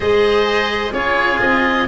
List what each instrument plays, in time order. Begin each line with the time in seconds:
0.00 tuba G#3, cello G#4, oboe C5 D#5
0.92 tuba C#4, cello F4, oboe G#4 C#5
1.40 tuba C4, oboe D#5